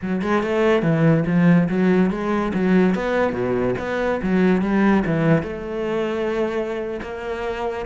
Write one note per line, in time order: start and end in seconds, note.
0.02 0.22 F#3
0.22 0.42 G#3
0.42 0.82 A3
0.82 1.24 E3
1.26 1.68 F3
1.69 2.10 F#3
2.10 2.52 G#3
2.54 2.94 F#3
2.94 3.33 B3
3.33 3.75 B2
3.78 4.20 B3
4.22 4.61 F#3
4.61 5.03 G3
5.06 5.42 E3
5.42 7.00 A3
7.02 7.85 A#3